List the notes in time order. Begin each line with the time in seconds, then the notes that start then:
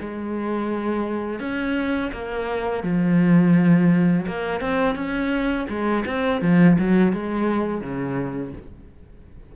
0.00 G#3
1.39 C#4
2.12 A#3
2.83 F3
4.27 A#3
4.60 C4
4.95 C#4
5.69 G#3
6.06 C4
6.41 F3
6.78 F#3
7.12 G#3
7.81 C#3